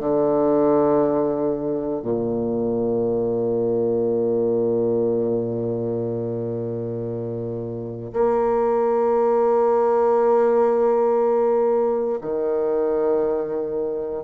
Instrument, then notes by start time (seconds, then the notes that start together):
bassoon
0.00 D3
2.02 A#2
8.14 A#3
12.22 D#3